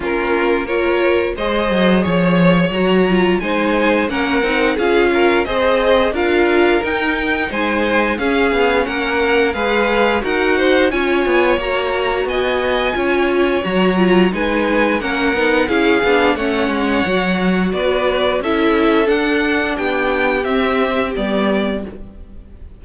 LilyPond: <<
  \new Staff \with { instrumentName = "violin" } { \time 4/4 \tempo 4 = 88 ais'4 cis''4 dis''4 cis''4 | ais''4 gis''4 fis''4 f''4 | dis''4 f''4 g''4 gis''4 | f''4 fis''4 f''4 fis''4 |
gis''4 ais''4 gis''2 | ais''4 gis''4 fis''4 f''4 | fis''2 d''4 e''4 | fis''4 g''4 e''4 d''4 | }
  \new Staff \with { instrumentName = "violin" } { \time 4/4 f'4 ais'4 c''4 cis''4~ | cis''4 c''4 ais'4 gis'8 ais'8 | c''4 ais'2 c''4 | gis'4 ais'4 b'4 ais'8 c''8 |
cis''2 dis''4 cis''4~ | cis''4 b'4 ais'4 gis'4 | cis''2 b'4 a'4~ | a'4 g'2. | }
  \new Staff \with { instrumentName = "viola" } { \time 4/4 cis'4 f'4 gis'2 | fis'8 f'8 dis'4 cis'8 dis'8 f'4 | gis'4 f'4 dis'2 | cis'2 gis'4 fis'4 |
f'4 fis'2 f'4 | fis'8 f'8 dis'4 cis'8 dis'8 e'8 d'8 | cis'4 fis'2 e'4 | d'2 c'4 b4 | }
  \new Staff \with { instrumentName = "cello" } { \time 4/4 ais2 gis8 fis8 f4 | fis4 gis4 ais8 c'8 cis'4 | c'4 d'4 dis'4 gis4 | cis'8 b8 ais4 gis4 dis'4 |
cis'8 b8 ais4 b4 cis'4 | fis4 gis4 ais8 b8 cis'8 b8 | a8 gis8 fis4 b4 cis'4 | d'4 b4 c'4 g4 | }
>>